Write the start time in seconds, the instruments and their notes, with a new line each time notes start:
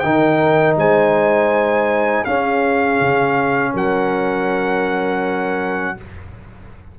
0.00 tuba D#3, trombone D#4, horn A#4, trumpet G5
0.77 tuba G#3, horn C5, trumpet G#5
2.25 tuba C#4, trombone C#4, horn G#4, trumpet F5
3.01 tuba C#3
3.73 tuba F#3, horn A#4, trumpet F#5